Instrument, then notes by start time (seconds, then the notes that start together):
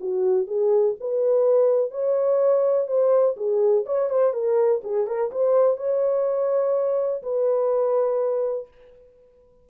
horn
0.00 F#4
0.47 G#4
1.00 B4
1.91 C#5
2.87 C5
3.36 G#4
3.85 C#5
4.09 C5
4.33 A#4
4.84 G#4
5.07 A#4
5.31 C5
5.76 C#5
7.22 B4